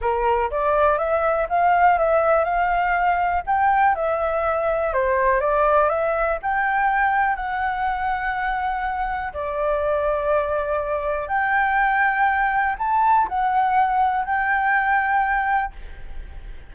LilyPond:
\new Staff \with { instrumentName = "flute" } { \time 4/4 \tempo 4 = 122 ais'4 d''4 e''4 f''4 | e''4 f''2 g''4 | e''2 c''4 d''4 | e''4 g''2 fis''4~ |
fis''2. d''4~ | d''2. g''4~ | g''2 a''4 fis''4~ | fis''4 g''2. | }